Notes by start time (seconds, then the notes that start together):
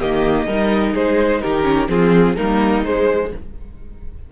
0.00 D#3 A#3 G4 D#5
0.47 G3 D#4 A#4
0.93 G#3 G#4 C5
1.42 D#3 G4 A#4
1.64 C#4
1.89 F3 C4 F4 G#4
2.36 G3 A#3 D#4 A#4
2.85 G#3 C5